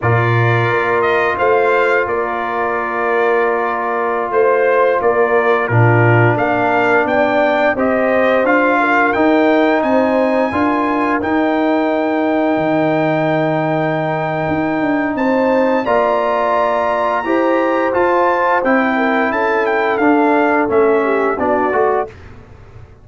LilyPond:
<<
  \new Staff \with { instrumentName = "trumpet" } { \time 4/4 \tempo 4 = 87 d''4. dis''8 f''4 d''4~ | d''2~ d''16 c''4 d''8.~ | d''16 ais'4 f''4 g''4 dis''8.~ | dis''16 f''4 g''4 gis''4.~ gis''16~ |
gis''16 g''2.~ g''8.~ | g''2 a''4 ais''4~ | ais''2 a''4 g''4 | a''8 g''8 f''4 e''4 d''4 | }
  \new Staff \with { instrumentName = "horn" } { \time 4/4 ais'2 c''4 ais'4~ | ais'2~ ais'16 c''4 ais'8.~ | ais'16 f'4 ais'4 d''4 c''8.~ | c''8. ais'4. c''4 ais'8.~ |
ais'1~ | ais'2 c''4 d''4~ | d''4 c''2~ c''8 ais'8 | a'2~ a'8 g'8 fis'4 | }
  \new Staff \with { instrumentName = "trombone" } { \time 4/4 f'1~ | f'1~ | f'16 d'2. g'8.~ | g'16 f'4 dis'2 f'8.~ |
f'16 dis'2.~ dis'8.~ | dis'2. f'4~ | f'4 g'4 f'4 e'4~ | e'4 d'4 cis'4 d'8 fis'8 | }
  \new Staff \with { instrumentName = "tuba" } { \time 4/4 ais,4 ais4 a4 ais4~ | ais2~ ais16 a4 ais8.~ | ais16 ais,4 ais4 b4 c'8.~ | c'16 d'4 dis'4 c'4 d'8.~ |
d'16 dis'2 dis4.~ dis16~ | dis4 dis'8 d'8 c'4 ais4~ | ais4 e'4 f'4 c'4 | cis'4 d'4 a4 b8 a8 | }
>>